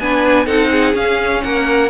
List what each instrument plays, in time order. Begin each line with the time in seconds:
0.00 cello B3, viola D4, violin B4 G#5
0.46 cello C4, viola D#4, violin A4 F#5
0.71 violin G#4
0.94 viola C#4, cello C#4, violin F5
1.43 cello A#3, violin A#4 F#5